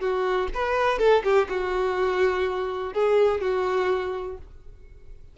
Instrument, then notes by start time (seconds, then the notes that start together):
violin
0.00 F#4
0.54 B4
0.99 A4
1.24 G4
1.49 F#4
2.94 G#4
3.41 F#4